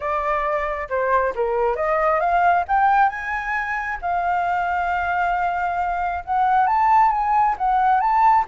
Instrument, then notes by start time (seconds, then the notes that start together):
flute
0.00 D5
0.89 C5
1.35 A#4
1.76 D#5
2.20 F5
2.68 G5
3.09 G#5
4.01 F5
6.24 F#5
6.66 A5
7.11 G#5
7.58 F#5
8.00 A5